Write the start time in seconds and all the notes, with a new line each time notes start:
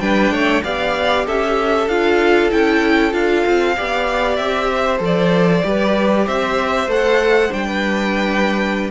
0.00 G3 D4 B4 G5
0.31 A3 C#5
0.63 B3 G4 D5 F5
1.26 C#4 A4 E5
1.87 D4 F4 F5
2.51 C#4 E4 G5
3.11 D4 F4 F5
3.46 C4
3.76 B3 G4 D5
4.36 C4 E5
4.71 C5
4.98 F3 A4
5.05 D5
5.63 G3 G4 B4
6.26 C4 C5 E5
6.87 A3 A4 F#5
7.50 G3 D4 G5
7.66 B4